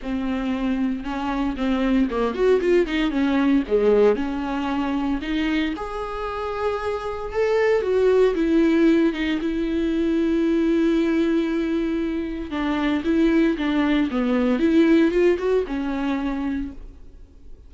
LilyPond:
\new Staff \with { instrumentName = "viola" } { \time 4/4 \tempo 4 = 115 c'2 cis'4 c'4 | ais8 fis'8 f'8 dis'8 cis'4 gis4 | cis'2 dis'4 gis'4~ | gis'2 a'4 fis'4 |
e'4. dis'8 e'2~ | e'1 | d'4 e'4 d'4 b4 | e'4 f'8 fis'8 cis'2 | }